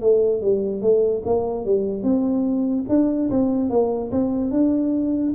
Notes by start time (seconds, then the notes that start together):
0.00 A3
0.41 G3
0.81 A3
1.25 A#3
1.65 G3
2.03 C4
2.88 D4
3.30 C4
3.70 A#3
4.11 C4
4.51 D4